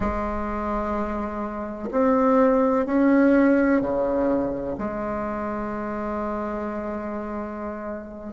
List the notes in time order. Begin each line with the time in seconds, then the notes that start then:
0.00 G#3
1.90 C4
2.86 C#4
3.81 C#3
4.77 G#3